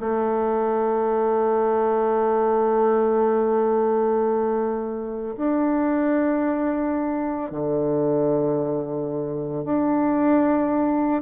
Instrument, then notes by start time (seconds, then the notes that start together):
bassoon
0.00 A3
5.37 D4
7.51 D3
9.64 D4